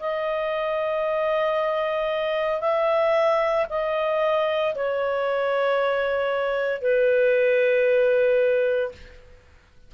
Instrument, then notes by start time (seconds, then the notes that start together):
clarinet
0.00 D#5
2.61 E5
3.69 D#5
4.75 C#5
6.81 B4